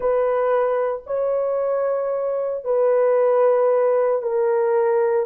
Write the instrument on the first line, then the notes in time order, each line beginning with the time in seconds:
horn
0.00 B4
1.06 C#5
2.64 B4
4.22 A#4